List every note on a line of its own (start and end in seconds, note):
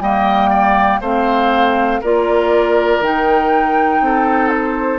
0.00 1.00 G3
0.00 1.02 A#3
0.00 0.50 D#5
0.00 1.01 G5
0.50 1.00 D5
1.00 2.00 A3
1.00 2.02 C4
1.00 2.01 C5
1.00 2.02 F5
2.01 3.00 A#3
2.01 3.02 F4
2.01 4.01 A#4
2.01 3.02 D5
3.00 4.00 D#3
3.00 4.99 D#4
3.00 4.49 G5
4.00 4.99 C4
4.00 4.99 A4
4.49 4.99 C5